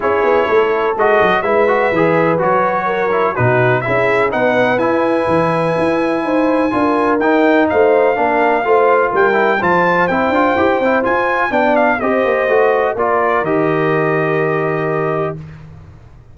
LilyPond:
<<
  \new Staff \with { instrumentName = "trumpet" } { \time 4/4 \tempo 4 = 125 cis''2 dis''4 e''4~ | e''4 cis''2 b'4 | e''4 fis''4 gis''2~ | gis''2. g''4 |
f''2. g''4 | a''4 g''2 gis''4 | g''8 f''8 dis''2 d''4 | dis''1 | }
  \new Staff \with { instrumentName = "horn" } { \time 4/4 gis'4 a'2 b'4~ | b'2 ais'4 fis'4 | gis'4 b'2.~ | b'4 c''4 ais'2 |
c''4 ais'4 c''4 ais'4 | c''1 | d''4 c''2 ais'4~ | ais'1 | }
  \new Staff \with { instrumentName = "trombone" } { \time 4/4 e'2 fis'4 e'8 fis'8 | gis'4 fis'4. e'8 dis'4 | e'4 dis'4 e'2~ | e'2 f'4 dis'4~ |
dis'4 d'4 f'4. e'8 | f'4 e'8 f'8 g'8 e'8 f'4 | d'4 g'4 fis'4 f'4 | g'1 | }
  \new Staff \with { instrumentName = "tuba" } { \time 4/4 cis'8 b8 a4 gis8 fis8 gis4 | e4 fis2 b,4 | cis'4 b4 e'4 e4 | e'4 dis'4 d'4 dis'4 |
a4 ais4 a4 g4 | f4 c'8 d'8 e'8 c'8 f'4 | b4 c'8 ais8 a4 ais4 | dis1 | }
>>